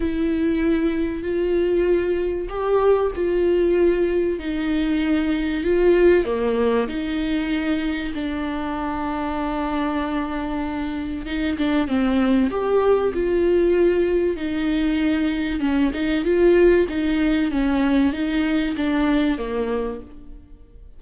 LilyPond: \new Staff \with { instrumentName = "viola" } { \time 4/4 \tempo 4 = 96 e'2 f'2 | g'4 f'2 dis'4~ | dis'4 f'4 ais4 dis'4~ | dis'4 d'2.~ |
d'2 dis'8 d'8 c'4 | g'4 f'2 dis'4~ | dis'4 cis'8 dis'8 f'4 dis'4 | cis'4 dis'4 d'4 ais4 | }